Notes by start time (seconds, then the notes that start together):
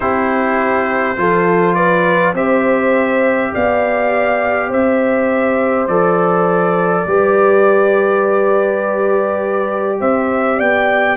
0.00 C4 E4 G4 C5
1.17 F3 F4 A4
1.74 B4 D5
2.33 C4 G4 C5 E5
3.53 B3 D5 F5
4.68 C4 C5 E5
5.87 F3 A4 D5
7.07 G3 G4 B4
9.99 C4 C5 E5
10.56 B3 D5 G5